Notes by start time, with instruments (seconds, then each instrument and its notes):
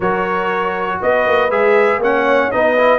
0.00 tuba F#3, trombone F#4, horn A#4, trumpet C#5
1.02 tuba B3, horn B4, trumpet D#5
1.27 tuba A#3
1.50 tuba G#3, trombone G#4, trumpet E5
1.97 tuba A#3, trombone C#4, horn C#5, trumpet F#5
2.51 tuba B3, trombone D#4, horn B4, trumpet D#5
2.77 trombone E4